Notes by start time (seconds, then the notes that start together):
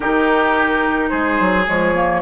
0.00 D#3 D#4 G4 A#4
1.09 G#3 G#4 C5
1.40 F#3
1.65 F3 G#3 C#5
1.94 A#3